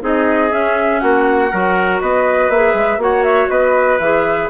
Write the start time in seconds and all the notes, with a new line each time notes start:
0.00 C4 D#4 G#4 D#5
0.50 C#4 E5
0.99 A#3 F#4 F#5
1.51 F#3 F#4 A#4
2.00 B3 B4 D#5
2.49 A#3 G#4 E5
2.73 G#3
2.97 A#3 F#4 C#5 F#5
3.23 E5
3.48 B3 B4 D#5
3.99 E3 G#4 E5